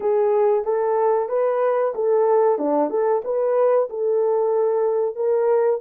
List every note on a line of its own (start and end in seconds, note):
0.00 0.64 G#4
0.64 1.28 A4
1.28 1.93 B4
1.94 2.58 A4
2.58 2.89 D4
2.89 3.22 A4
3.24 3.89 B4
3.89 5.15 A4
5.15 5.80 A#4